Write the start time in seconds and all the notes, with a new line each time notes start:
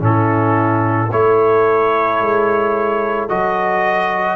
0.00 A2 C#4 E4 A4
1.12 A3 E4 A4 C#5
2.21 G#3
3.30 F#3 F#4 D#5